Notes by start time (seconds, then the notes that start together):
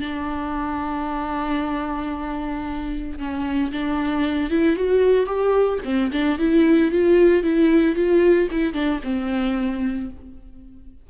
0.00 D4
3.18 C#4
3.72 D4
4.50 E4
4.76 F#4
5.26 G4
5.85 C4
6.12 D4
6.38 E4
6.91 F4
7.43 E4
7.95 F4
8.51 E4
8.73 D4
9.03 C4